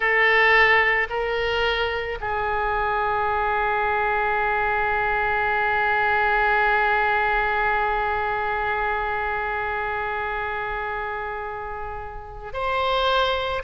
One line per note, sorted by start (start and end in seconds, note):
0.00 1.07 A4
1.09 2.18 A#4
2.20 12.53 G#4
12.53 13.62 C5